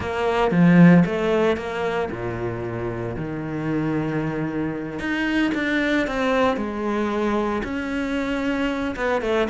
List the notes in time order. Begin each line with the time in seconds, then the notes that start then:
0.00 A#3
0.51 F3
1.05 A3
1.56 A#3
2.11 A#2
3.16 D#3
4.99 D#4
5.54 D4
6.07 C4
6.56 G#3
7.63 C#4
8.95 B3
9.21 A3